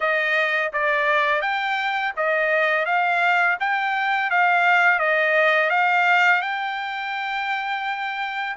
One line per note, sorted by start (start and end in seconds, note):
0.00 0.71 D#5
0.72 1.41 D5
1.41 2.12 G5
2.16 2.85 D#5
2.85 3.57 F5
3.59 4.30 G5
4.30 4.99 F5
4.99 5.70 D#5
5.70 6.41 F5
6.41 8.56 G5